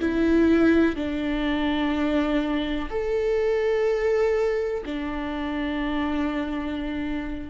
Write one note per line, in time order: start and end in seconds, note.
0.00 0.96 E4
0.96 2.89 D4
2.90 4.84 A4
4.86 7.50 D4